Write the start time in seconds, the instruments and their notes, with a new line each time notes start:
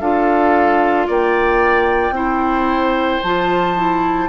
0.00 bassoon D4, clarinet F4, oboe A4, flute F5
1.07 bassoon A#3, oboe D5, flute G5
2.10 bassoon C4, clarinet E4, oboe C5
3.22 bassoon F3, clarinet F4, flute A5
3.76 clarinet E4